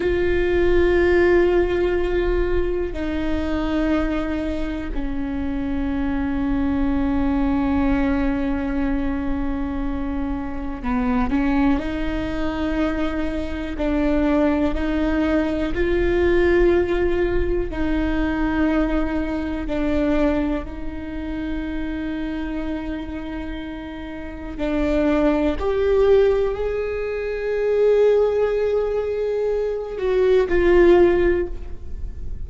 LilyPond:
\new Staff \with { instrumentName = "viola" } { \time 4/4 \tempo 4 = 61 f'2. dis'4~ | dis'4 cis'2.~ | cis'2. b8 cis'8 | dis'2 d'4 dis'4 |
f'2 dis'2 | d'4 dis'2.~ | dis'4 d'4 g'4 gis'4~ | gis'2~ gis'8 fis'8 f'4 | }